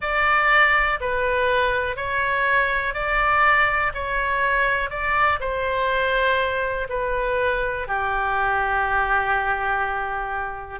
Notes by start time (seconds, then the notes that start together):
0.01 D5
1.00 B4
1.96 C#5
2.93 D5
3.93 C#5
4.90 D5
5.40 C5
6.89 B4
7.87 G4